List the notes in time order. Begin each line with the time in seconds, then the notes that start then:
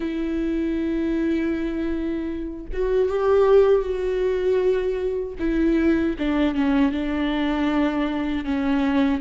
0.00 E4
2.72 F#4
3.09 G4
3.81 F#4
5.38 E4
6.19 D4
6.54 C#4
6.91 D4
8.44 C#4